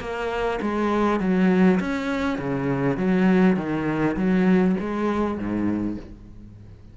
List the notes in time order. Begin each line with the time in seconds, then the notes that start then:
0.00 A#3
0.62 G#3
1.20 F#3
1.80 C#4
2.38 C#3
2.97 F#3
3.56 D#3
4.16 F#3
4.80 G#3
5.38 G#2